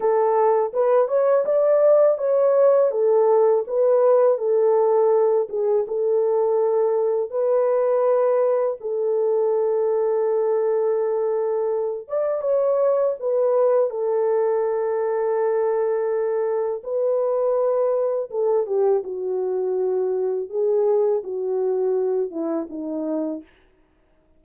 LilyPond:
\new Staff \with { instrumentName = "horn" } { \time 4/4 \tempo 4 = 82 a'4 b'8 cis''8 d''4 cis''4 | a'4 b'4 a'4. gis'8 | a'2 b'2 | a'1~ |
a'8 d''8 cis''4 b'4 a'4~ | a'2. b'4~ | b'4 a'8 g'8 fis'2 | gis'4 fis'4. e'8 dis'4 | }